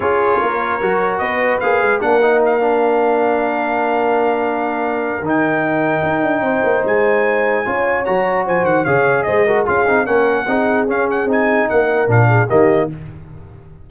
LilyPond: <<
  \new Staff \with { instrumentName = "trumpet" } { \time 4/4 \tempo 4 = 149 cis''2. dis''4 | f''4 fis''4 f''2~ | f''1~ | f''4 g''2.~ |
g''4 gis''2. | ais''4 gis''8 fis''8 f''4 dis''4 | f''4 fis''2 f''8 fis''8 | gis''4 fis''4 f''4 dis''4 | }
  \new Staff \with { instrumentName = "horn" } { \time 4/4 gis'4 ais'2 b'4~ | b'4 ais'2.~ | ais'1~ | ais'1 |
c''2. cis''4~ | cis''4 c''4 cis''4 c''8 ais'8 | gis'4 ais'4 gis'2~ | gis'4 ais'4. gis'8 g'4 | }
  \new Staff \with { instrumentName = "trombone" } { \time 4/4 f'2 fis'2 | gis'4 d'8 dis'4 d'4.~ | d'1~ | d'4 dis'2.~ |
dis'2. f'4 | fis'2 gis'4. fis'8 | f'8 dis'8 cis'4 dis'4 cis'4 | dis'2 d'4 ais4 | }
  \new Staff \with { instrumentName = "tuba" } { \time 4/4 cis'4 ais4 fis4 b4 | ais8 gis8 ais2.~ | ais1~ | ais4 dis2 dis'8 d'8 |
c'8 ais8 gis2 cis'4 | fis4 f8 dis8 cis4 gis4 | cis'8 c'8 ais4 c'4 cis'4 | c'4 ais4 ais,4 dis4 | }
>>